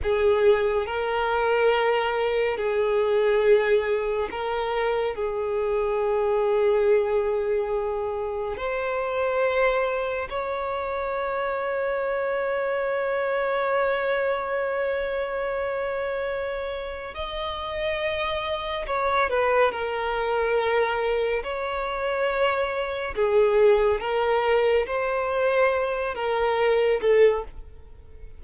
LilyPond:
\new Staff \with { instrumentName = "violin" } { \time 4/4 \tempo 4 = 70 gis'4 ais'2 gis'4~ | gis'4 ais'4 gis'2~ | gis'2 c''2 | cis''1~ |
cis''1 | dis''2 cis''8 b'8 ais'4~ | ais'4 cis''2 gis'4 | ais'4 c''4. ais'4 a'8 | }